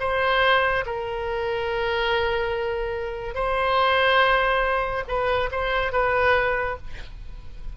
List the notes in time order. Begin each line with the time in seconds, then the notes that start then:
0.00 C5
0.86 A#4
3.35 C5
5.08 B4
5.51 C5
5.92 B4